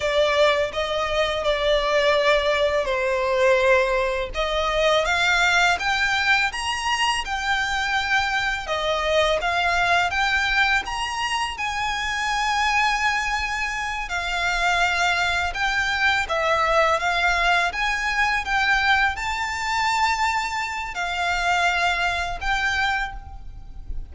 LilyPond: \new Staff \with { instrumentName = "violin" } { \time 4/4 \tempo 4 = 83 d''4 dis''4 d''2 | c''2 dis''4 f''4 | g''4 ais''4 g''2 | dis''4 f''4 g''4 ais''4 |
gis''2.~ gis''8 f''8~ | f''4. g''4 e''4 f''8~ | f''8 gis''4 g''4 a''4.~ | a''4 f''2 g''4 | }